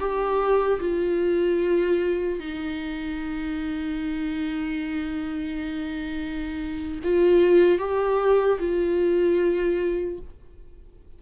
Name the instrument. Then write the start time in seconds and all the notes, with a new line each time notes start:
viola
0.00 G4
0.80 F4
2.40 D#4
7.04 F4
7.79 G4
8.60 F4